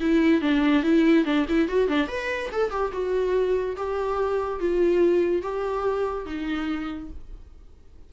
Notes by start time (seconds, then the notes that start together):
0.00 E4
0.41 D4
0.83 E4
1.25 D4
1.48 E4
1.68 F#4
1.88 D4
2.08 B4
2.52 A4
2.71 G4
2.92 F#4
3.77 G4
4.60 F4
5.42 G4
6.26 D#4